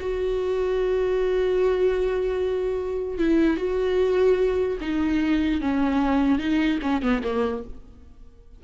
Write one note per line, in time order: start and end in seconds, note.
0.00 3.18 F#4
3.18 3.57 E4
3.57 4.78 F#4
4.81 5.61 D#4
5.61 6.39 C#4
6.39 6.79 D#4
6.82 7.02 C#4
7.02 7.22 B3
7.23 7.63 A#3